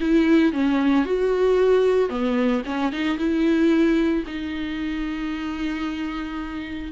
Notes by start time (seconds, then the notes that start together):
0.00 E4
0.53 C#4
1.05 F#4
2.09 B3
2.65 C#4
2.92 D#4
3.18 E4
4.27 D#4